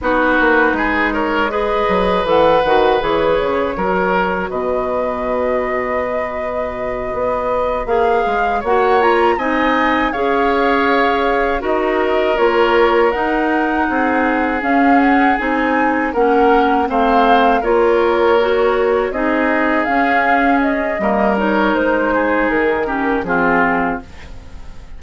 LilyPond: <<
  \new Staff \with { instrumentName = "flute" } { \time 4/4 \tempo 4 = 80 b'4. cis''8 dis''4 fis''4 | cis''2 dis''2~ | dis''2~ dis''8 f''4 fis''8 | ais''8 gis''4 f''2 dis''8~ |
dis''8 cis''4 fis''2 f''8 | fis''8 gis''4 fis''4 f''4 cis''8~ | cis''4. dis''4 f''4 dis''8~ | dis''8 cis''8 c''4 ais'4 gis'4 | }
  \new Staff \with { instrumentName = "oboe" } { \time 4/4 fis'4 gis'8 ais'8 b'2~ | b'4 ais'4 b'2~ | b'2.~ b'8 cis''8~ | cis''8 dis''4 cis''2 ais'8~ |
ais'2~ ais'8 gis'4.~ | gis'4. ais'4 c''4 ais'8~ | ais'4. gis'2~ gis'8 | ais'4. gis'4 g'8 f'4 | }
  \new Staff \with { instrumentName = "clarinet" } { \time 4/4 dis'2 gis'4 a'8 fis'8 | gis'4 fis'2.~ | fis'2~ fis'8 gis'4 fis'8 | f'8 dis'4 gis'2 fis'8~ |
fis'8 f'4 dis'2 cis'8~ | cis'8 dis'4 cis'4 c'4 f'8~ | f'8 fis'4 dis'4 cis'4. | ais8 dis'2 cis'8 c'4 | }
  \new Staff \with { instrumentName = "bassoon" } { \time 4/4 b8 ais8 gis4. fis8 e8 dis8 | e8 cis8 fis4 b,2~ | b,4. b4 ais8 gis8 ais8~ | ais8 c'4 cis'2 dis'8~ |
dis'8 ais4 dis'4 c'4 cis'8~ | cis'8 c'4 ais4 a4 ais8~ | ais4. c'4 cis'4. | g4 gis4 dis4 f4 | }
>>